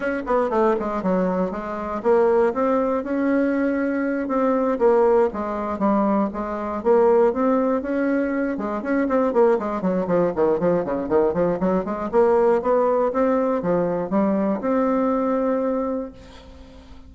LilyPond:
\new Staff \with { instrumentName = "bassoon" } { \time 4/4 \tempo 4 = 119 cis'8 b8 a8 gis8 fis4 gis4 | ais4 c'4 cis'2~ | cis'8 c'4 ais4 gis4 g8~ | g8 gis4 ais4 c'4 cis'8~ |
cis'4 gis8 cis'8 c'8 ais8 gis8 fis8 | f8 dis8 f8 cis8 dis8 f8 fis8 gis8 | ais4 b4 c'4 f4 | g4 c'2. | }